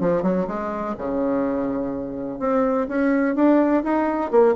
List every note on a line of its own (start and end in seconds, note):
0.00 0.22 F3
0.22 0.46 F#3
0.47 0.95 G#3
0.98 2.39 C#3
2.39 2.87 C4
2.88 3.35 C#4
3.35 3.83 D4
3.83 4.31 D#4
4.31 4.55 A#3